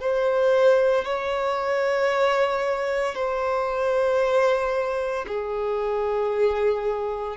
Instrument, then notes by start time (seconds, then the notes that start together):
violin
0.00 C5
1.05 C#5
3.15 C5
5.27 G#4